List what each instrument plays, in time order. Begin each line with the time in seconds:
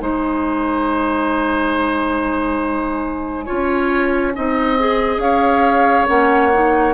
0.00 bassoon G#3, clarinet D#4, oboe C5, flute G#5
3.46 bassoon C#4, clarinet F4, oboe C#5
4.35 bassoon C4, clarinet D#4, oboe D#5
4.79 clarinet G#4
5.18 bassoon C#4, oboe C#5, flute F5
6.09 bassoon A#3, clarinet C#4, flute F#5
6.54 clarinet D#4